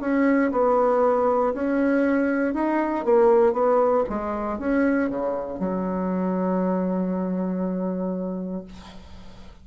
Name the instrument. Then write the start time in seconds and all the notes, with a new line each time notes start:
bassoon
0.00 C#4
0.51 B3
1.53 C#4
2.54 D#4
3.05 A#3
3.53 B3
4.09 G#3
4.59 C#4
5.09 C#3
5.59 F#3